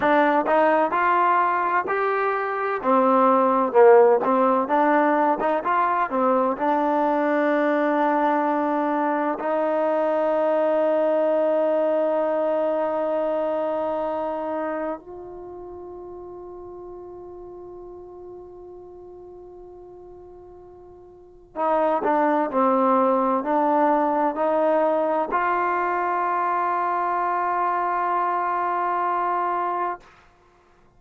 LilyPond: \new Staff \with { instrumentName = "trombone" } { \time 4/4 \tempo 4 = 64 d'8 dis'8 f'4 g'4 c'4 | ais8 c'8 d'8. dis'16 f'8 c'8 d'4~ | d'2 dis'2~ | dis'1 |
f'1~ | f'2. dis'8 d'8 | c'4 d'4 dis'4 f'4~ | f'1 | }